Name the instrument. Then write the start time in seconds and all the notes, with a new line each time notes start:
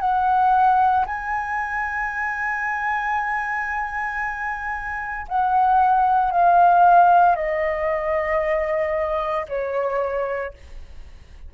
flute
0.00 F#5
1.06 G#5
5.28 F#5
6.31 F5
7.35 D#5
9.48 C#5